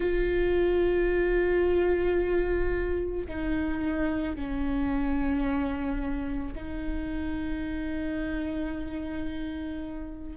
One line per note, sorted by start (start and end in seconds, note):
0.00 3.27 F4
3.28 4.35 D#4
4.35 6.54 C#4
6.55 10.36 D#4